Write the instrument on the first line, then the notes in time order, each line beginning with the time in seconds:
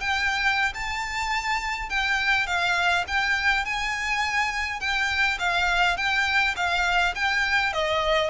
violin
0.00 G5
0.74 A5
1.89 G5
2.46 F5
3.07 G5
3.65 G#5
4.80 G5
5.39 F5
5.97 G5
6.56 F5
7.15 G5
7.73 D#5